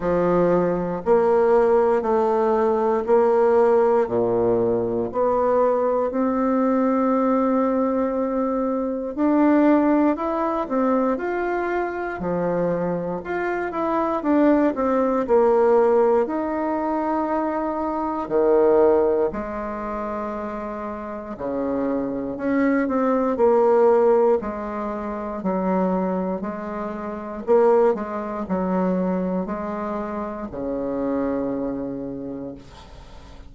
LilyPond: \new Staff \with { instrumentName = "bassoon" } { \time 4/4 \tempo 4 = 59 f4 ais4 a4 ais4 | ais,4 b4 c'2~ | c'4 d'4 e'8 c'8 f'4 | f4 f'8 e'8 d'8 c'8 ais4 |
dis'2 dis4 gis4~ | gis4 cis4 cis'8 c'8 ais4 | gis4 fis4 gis4 ais8 gis8 | fis4 gis4 cis2 | }